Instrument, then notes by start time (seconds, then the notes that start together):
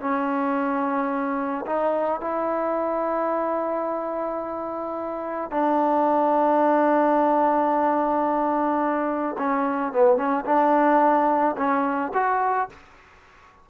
trombone
0.00 C#4
1.66 D#4
2.20 E4
5.51 D4
9.38 C#4
9.93 B3
10.17 C#4
10.45 D4
11.57 C#4
12.14 F#4